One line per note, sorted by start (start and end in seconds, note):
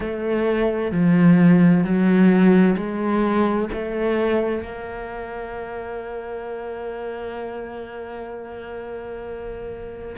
0.00 0.91 A3
0.91 1.83 F3
1.83 2.76 F#3
2.77 3.69 G#3
3.73 4.62 A3
4.62 10.16 A#3